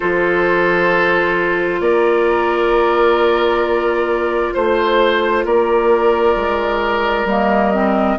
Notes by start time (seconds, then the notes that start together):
0.00 F3 F4 A4 C5
1.80 A#3 A#4 D5
4.53 A3 C5
5.44 A#3 A#4 D5
6.35 G#3
7.24 G3 A#3 D#5
7.73 C4